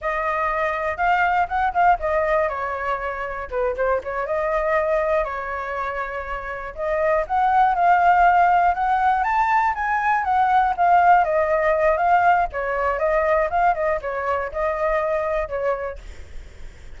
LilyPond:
\new Staff \with { instrumentName = "flute" } { \time 4/4 \tempo 4 = 120 dis''2 f''4 fis''8 f''8 | dis''4 cis''2 b'8 c''8 | cis''8 dis''2 cis''4.~ | cis''4. dis''4 fis''4 f''8~ |
f''4. fis''4 a''4 gis''8~ | gis''8 fis''4 f''4 dis''4. | f''4 cis''4 dis''4 f''8 dis''8 | cis''4 dis''2 cis''4 | }